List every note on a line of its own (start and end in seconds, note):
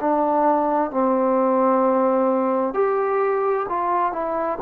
0.00 0.90 D4
0.90 2.74 C4
2.74 3.66 G4
3.68 4.12 F4
4.12 4.58 E4